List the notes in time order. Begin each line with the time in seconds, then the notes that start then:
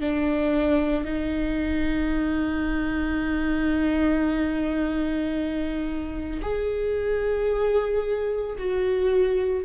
0.00 D4
1.05 D#4
6.42 G#4
8.58 F#4